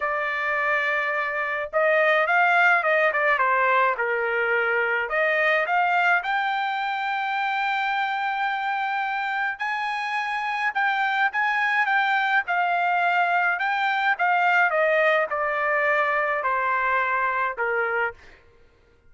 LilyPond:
\new Staff \with { instrumentName = "trumpet" } { \time 4/4 \tempo 4 = 106 d''2. dis''4 | f''4 dis''8 d''8 c''4 ais'4~ | ais'4 dis''4 f''4 g''4~ | g''1~ |
g''4 gis''2 g''4 | gis''4 g''4 f''2 | g''4 f''4 dis''4 d''4~ | d''4 c''2 ais'4 | }